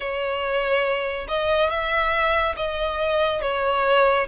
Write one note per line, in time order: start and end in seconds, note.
0.00 1.27 C#5
1.28 1.69 D#5
1.69 2.55 E5
2.56 3.41 D#5
3.41 4.27 C#5